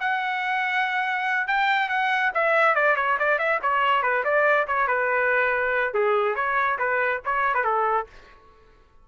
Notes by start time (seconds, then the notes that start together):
0.00 F#5
1.47 G5
1.89 F#5
2.34 E5
2.75 D5
2.97 C#5
3.19 D5
3.39 E5
3.62 C#5
4.03 B4
4.24 D5
4.67 C#5
4.87 B4
5.94 G#4
6.35 C#5
6.79 B4
7.25 C#5
7.54 B4
7.64 A4